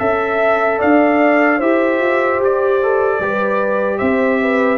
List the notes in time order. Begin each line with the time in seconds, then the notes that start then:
0.00 C#4 A4 E5
0.79 D4 D5 F5
1.58 E4 G4 C5 E5
2.00 F4
2.39 G4 D5
2.83 A4
3.20 G3 G4 B4
3.99 C4 C5 E5
4.41 B4